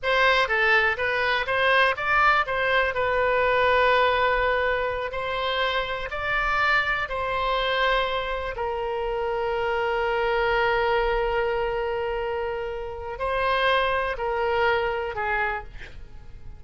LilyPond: \new Staff \with { instrumentName = "oboe" } { \time 4/4 \tempo 4 = 123 c''4 a'4 b'4 c''4 | d''4 c''4 b'2~ | b'2~ b'8 c''4.~ | c''8 d''2 c''4.~ |
c''4. ais'2~ ais'8~ | ais'1~ | ais'2. c''4~ | c''4 ais'2 gis'4 | }